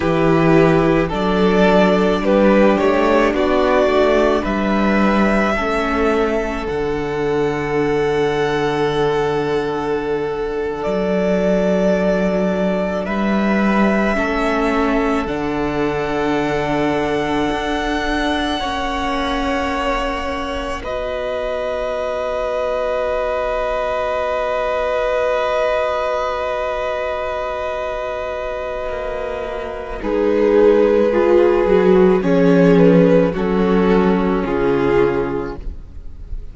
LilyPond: <<
  \new Staff \with { instrumentName = "violin" } { \time 4/4 \tempo 4 = 54 b'4 d''4 b'8 cis''8 d''4 | e''2 fis''2~ | fis''4.~ fis''16 d''2 e''16~ | e''4.~ e''16 fis''2~ fis''16~ |
fis''2~ fis''8. dis''4~ dis''16~ | dis''1~ | dis''2. b'4~ | b'4 cis''8 b'8 a'4 gis'4 | }
  \new Staff \with { instrumentName = "violin" } { \time 4/4 g'4 a'4 g'4 fis'4 | b'4 a'2.~ | a'2.~ a'8. b'16~ | b'8. a'2.~ a'16~ |
a'8. cis''2 b'4~ b'16~ | b'1~ | b'2. dis'4 | gis'4 cis'4 fis'4 f'4 | }
  \new Staff \with { instrumentName = "viola" } { \time 4/4 e'4 d'2.~ | d'4 cis'4 d'2~ | d'1~ | d'8. cis'4 d'2~ d'16~ |
d'8. cis'2 fis'4~ fis'16~ | fis'1~ | fis'2. gis'4 | f'8 fis'8 gis'4 cis'2 | }
  \new Staff \with { instrumentName = "cello" } { \time 4/4 e4 fis4 g8 a8 b8 a8 | g4 a4 d2~ | d4.~ d16 fis2 g16~ | g8. a4 d2 d'16~ |
d'8. ais2 b4~ b16~ | b1~ | b2 ais4 gis4~ | gis8 fis8 f4 fis4 cis4 | }
>>